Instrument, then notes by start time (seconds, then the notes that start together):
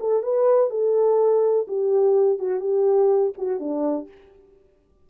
horn
0.00 A4
0.24 B4
0.71 A4
1.68 G4
2.39 F#4
2.61 G4
3.38 F#4
3.60 D4